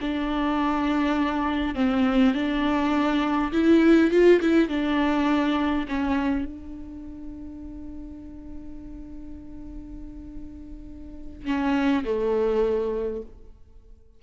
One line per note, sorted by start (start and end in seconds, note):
0.00 1.75 D4
1.75 2.34 C4
2.34 3.51 D4
3.52 4.10 E4
4.10 4.40 F4
4.41 4.68 E4
4.68 5.86 D4
5.88 6.45 C#4
6.45 11.45 D4
11.45 12.04 C#4
12.04 13.22 A3